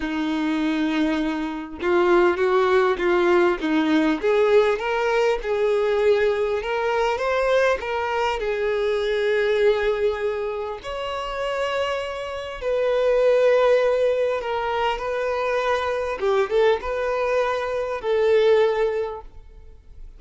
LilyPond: \new Staff \with { instrumentName = "violin" } { \time 4/4 \tempo 4 = 100 dis'2. f'4 | fis'4 f'4 dis'4 gis'4 | ais'4 gis'2 ais'4 | c''4 ais'4 gis'2~ |
gis'2 cis''2~ | cis''4 b'2. | ais'4 b'2 g'8 a'8 | b'2 a'2 | }